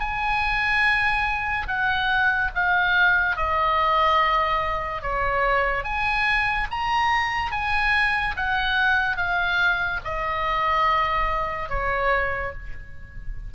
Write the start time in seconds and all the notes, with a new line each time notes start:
0.00 G#5
1.67 F#5
2.55 F5
3.36 D#5
5.02 C#5
5.84 G#5
6.71 A#5
7.52 G#5
8.36 F#5
9.17 F5
10.04 D#5
11.69 C#5